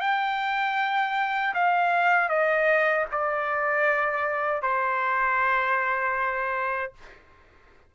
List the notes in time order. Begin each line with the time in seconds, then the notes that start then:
0.00 G5
1.54 F5
2.29 D#5
3.11 D5
4.62 C5